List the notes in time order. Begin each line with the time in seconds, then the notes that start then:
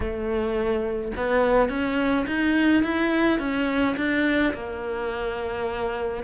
0.00 A3
1.16 B3
1.69 C#4
2.26 D#4
2.83 E4
3.39 C#4
3.96 D4
4.53 A#3